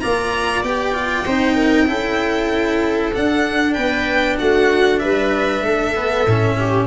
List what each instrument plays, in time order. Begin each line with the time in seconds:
0.00 tuba A#3, cello F4, viola D5, violin A#5
0.63 tuba B3, cello G4, violin G5
0.94 cello F4
1.26 tuba C4, cello D#4, viola C5
1.55 viola A#4
1.87 tuba C#4, cello E4, viola A4
3.14 cello D4, tuba D4, violin F#5
3.74 tuba B3, viola B4, violin G5
4.39 tuba A3, viola F#4, violin F#5
4.99 tuba G3, viola B4, violin E5
5.62 tuba A3, viola A4
5.96 cello B3
6.26 tuba A2, cello C#4
6.59 viola G4